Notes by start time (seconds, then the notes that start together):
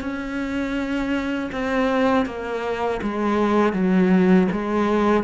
0.00 C#4
1.52 C4
2.25 A#3
3.02 G#3
3.73 F#3
4.51 G#3